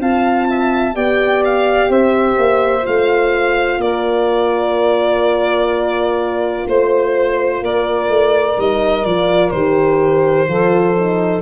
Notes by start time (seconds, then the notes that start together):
0.00 C4 F4 F5 A5
0.48 E5
0.94 B3 G4 D5 G5
1.45 F5
1.89 C4 C5 E5
2.37 A#3
2.83 A3 F4 F5
3.78 A#3 A#4 D5
6.67 A3 C5
7.62 A#3 A#4 D5
8.09 A3
8.57 G3 D#4 D#5
9.04 F3 F4 D5
9.50 D#3 G4 C5
10.48 F3 F4 A4
10.98 D#4